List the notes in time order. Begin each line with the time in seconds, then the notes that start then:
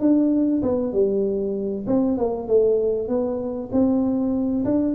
0.00 D4
0.62 B3
0.93 G3
1.87 C4
2.18 A#3
2.47 A3
3.08 B3
3.72 C4
4.65 D4